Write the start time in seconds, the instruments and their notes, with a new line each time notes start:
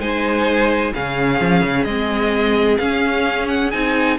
0.00 cello G#3, viola D#4, violin C5 G#5
0.94 cello C#3, viola C#4, violin G#4 F5
1.41 cello F3
1.62 cello C#3
1.85 cello G#3, viola C4, violin D#5
2.78 cello C#4, viola C#4, violin F5
3.49 violin F#5
3.71 cello C4, viola D#4, violin G#5